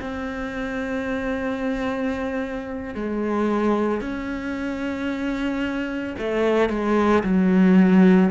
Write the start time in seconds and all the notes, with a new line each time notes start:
0.00 C4
2.94 G#3
4.01 C#4
6.18 A3
6.69 G#3
7.23 F#3